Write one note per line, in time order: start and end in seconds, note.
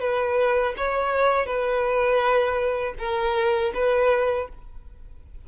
0.00 0.74 B4
0.77 1.46 C#5
1.46 2.94 B4
2.98 3.72 A#4
3.74 4.48 B4